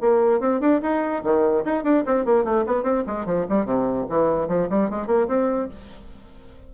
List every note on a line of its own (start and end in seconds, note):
0.00 0.40 A#3
0.40 0.60 C4
0.60 0.81 D4
0.82 1.23 D#4
1.23 1.64 D#3
1.65 1.83 D#4
1.83 2.04 D4
2.06 2.25 C4
2.25 2.44 A#3
2.44 2.64 A3
2.66 2.83 B3
2.83 3.03 C4
3.06 3.25 G#3
3.25 3.46 F3
3.49 3.65 G3
3.65 4.06 C3
4.09 4.48 E3
4.48 4.68 F3
4.69 4.90 G3
4.90 5.07 G#3
5.07 5.27 A#3
5.27 5.68 C4